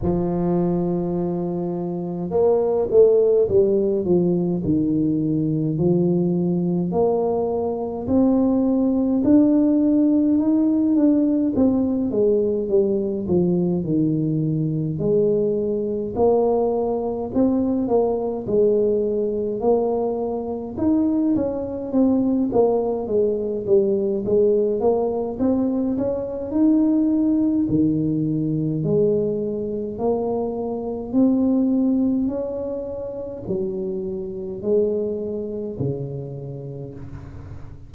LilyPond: \new Staff \with { instrumentName = "tuba" } { \time 4/4 \tempo 4 = 52 f2 ais8 a8 g8 f8 | dis4 f4 ais4 c'4 | d'4 dis'8 d'8 c'8 gis8 g8 f8 | dis4 gis4 ais4 c'8 ais8 |
gis4 ais4 dis'8 cis'8 c'8 ais8 | gis8 g8 gis8 ais8 c'8 cis'8 dis'4 | dis4 gis4 ais4 c'4 | cis'4 fis4 gis4 cis4 | }